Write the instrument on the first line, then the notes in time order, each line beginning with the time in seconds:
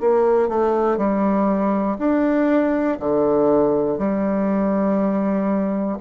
bassoon
0.00 A#3
0.49 A3
0.97 G3
1.99 D4
3.00 D3
3.99 G3